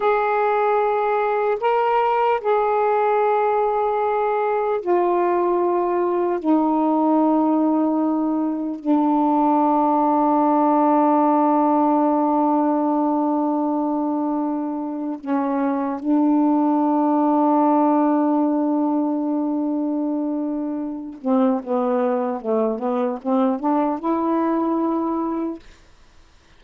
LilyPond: \new Staff \with { instrumentName = "saxophone" } { \time 4/4 \tempo 4 = 75 gis'2 ais'4 gis'4~ | gis'2 f'2 | dis'2. d'4~ | d'1~ |
d'2. cis'4 | d'1~ | d'2~ d'8 c'8 b4 | a8 b8 c'8 d'8 e'2 | }